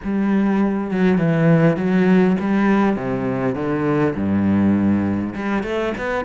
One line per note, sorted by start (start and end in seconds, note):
0.03 0.90 G3
0.90 1.17 F#3
1.17 1.77 E3
1.77 2.36 F#3
2.40 2.96 G3
2.96 3.55 C3
3.55 4.14 D3
4.15 5.34 G2
5.35 5.63 G3
5.63 5.93 A3
5.97 6.25 B3